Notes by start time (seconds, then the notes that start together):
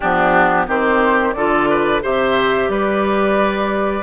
0.00 F3 B3 D4 G4
0.67 D#3 C4 G4 C5
1.32 D3 F4 A4 D5
1.69 B4
2.02 C3 G4 C5 E5
2.68 G3 B4 D5